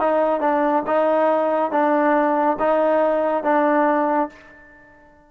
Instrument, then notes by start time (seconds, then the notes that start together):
trombone
0.00 D#4
0.41 D4
0.86 D#4
1.71 D4
2.59 D#4
3.44 D4